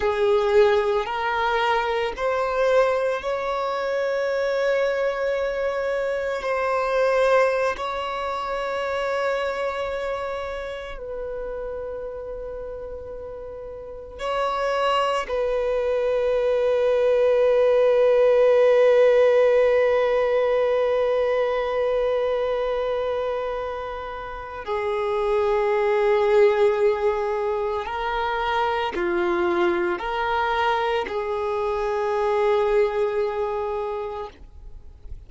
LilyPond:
\new Staff \with { instrumentName = "violin" } { \time 4/4 \tempo 4 = 56 gis'4 ais'4 c''4 cis''4~ | cis''2 c''4~ c''16 cis''8.~ | cis''2~ cis''16 b'4.~ b'16~ | b'4~ b'16 cis''4 b'4.~ b'16~ |
b'1~ | b'2. gis'4~ | gis'2 ais'4 f'4 | ais'4 gis'2. | }